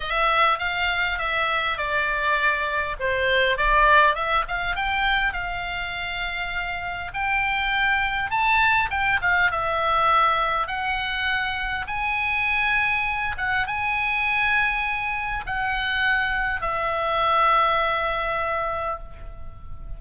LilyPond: \new Staff \with { instrumentName = "oboe" } { \time 4/4 \tempo 4 = 101 e''4 f''4 e''4 d''4~ | d''4 c''4 d''4 e''8 f''8 | g''4 f''2. | g''2 a''4 g''8 f''8 |
e''2 fis''2 | gis''2~ gis''8 fis''8 gis''4~ | gis''2 fis''2 | e''1 | }